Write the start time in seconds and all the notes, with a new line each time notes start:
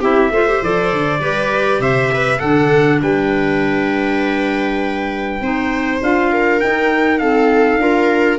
0.00 C4 E4 G4 E5
0.30 A3 F4 C5
0.48 G4
0.62 F3 A4 D5
0.92 D3
1.20 G3 G4 B4
1.79 C3 C5 E5
2.14 B4
2.39 D3 D4 A4 F#5
3.02 G3 B4 G5
5.41 C4 D#4 C5
6.02 D4 F4 F5
6.32 A#4
6.60 D#4 G5
7.18 C4 A4 F5
7.78 D4 F4 A#4